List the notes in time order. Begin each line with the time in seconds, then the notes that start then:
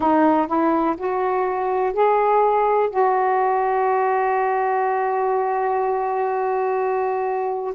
0.00 D#4
0.47 E4
0.97 F#4
1.93 G#4
2.90 F#4